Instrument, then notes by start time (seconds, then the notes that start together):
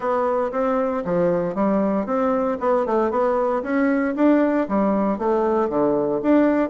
bassoon
0.00 B3
0.51 C4
1.04 F3
1.54 G3
2.05 C4
2.60 B3
2.85 A3
3.10 B3
3.63 C#4
4.15 D4
4.68 G3
5.18 A3
5.69 D3
6.22 D4